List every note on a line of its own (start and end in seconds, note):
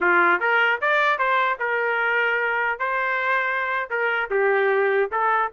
0.00 0.40 F4
0.40 0.80 A#4
0.81 1.18 D5
1.18 1.58 C5
1.59 2.79 A#4
2.79 3.89 C5
3.90 4.30 A#4
4.30 5.10 G4
5.11 5.51 A4